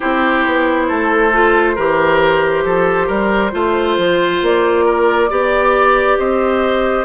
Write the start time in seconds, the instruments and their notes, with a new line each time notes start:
0.00 bassoon C4, clarinet E4, oboe G4, flute C5
0.46 bassoon B3
0.88 bassoon A3, oboe A4
1.32 clarinet F4
1.75 bassoon E3, clarinet G4, oboe A#4
2.64 bassoon F3, oboe A4
3.06 bassoon G3, oboe A#4
3.51 bassoon A3, clarinet F4, oboe C5
3.97 bassoon F3
4.42 bassoon A#3, flute D5
4.85 oboe A#4
5.29 bassoon B3, clarinet G4, oboe D5
6.18 bassoon C4, oboe C5, flute D#5